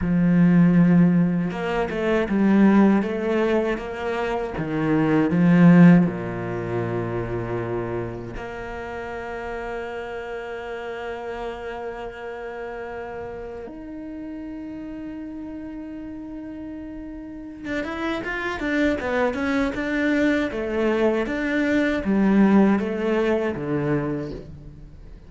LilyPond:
\new Staff \with { instrumentName = "cello" } { \time 4/4 \tempo 4 = 79 f2 ais8 a8 g4 | a4 ais4 dis4 f4 | ais,2. ais4~ | ais1~ |
ais2 dis'2~ | dis'2.~ dis'16 d'16 e'8 | f'8 d'8 b8 cis'8 d'4 a4 | d'4 g4 a4 d4 | }